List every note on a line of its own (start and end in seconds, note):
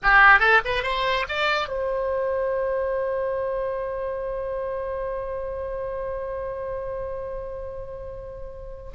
0.02 0.39 G4
0.39 0.61 A4
0.65 0.83 B4
0.83 1.25 C5
1.28 1.68 D5
1.68 8.91 C5